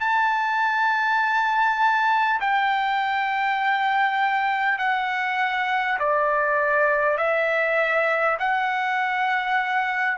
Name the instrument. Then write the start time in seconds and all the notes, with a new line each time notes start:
trumpet
0.00 A5
2.41 G5
4.78 F#5
5.99 D5
7.18 E5
8.39 F#5